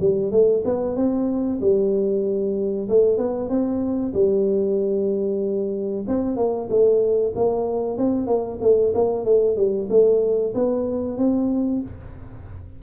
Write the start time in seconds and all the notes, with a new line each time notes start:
0.00 G3
0.32 A3
0.65 B3
0.96 C4
1.61 G3
2.89 A3
3.18 B3
3.49 C4
4.14 G3
6.08 C4
6.37 A#3
6.70 A3
7.35 A#3
7.98 C4
8.27 A#3
8.61 A3
8.94 A#3
9.25 A3
9.57 G3
9.90 A3
10.55 B3
11.18 C4